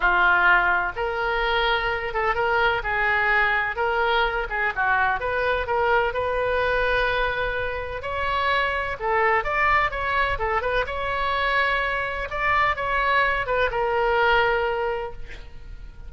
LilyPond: \new Staff \with { instrumentName = "oboe" } { \time 4/4 \tempo 4 = 127 f'2 ais'2~ | ais'8 a'8 ais'4 gis'2 | ais'4. gis'8 fis'4 b'4 | ais'4 b'2.~ |
b'4 cis''2 a'4 | d''4 cis''4 a'8 b'8 cis''4~ | cis''2 d''4 cis''4~ | cis''8 b'8 ais'2. | }